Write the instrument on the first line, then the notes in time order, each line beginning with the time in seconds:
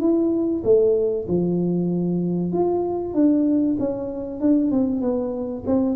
tuba
0.00 E4
0.64 A3
1.28 F3
2.53 F4
3.14 D4
3.79 C#4
4.41 D4
4.71 C4
5.01 B3
5.67 C4